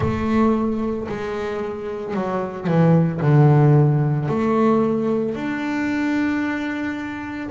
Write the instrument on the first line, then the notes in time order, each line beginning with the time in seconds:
double bass
0.00 A3
1.08 G#3
2.14 F#3
2.67 E3
3.21 D3
4.28 A3
5.35 D4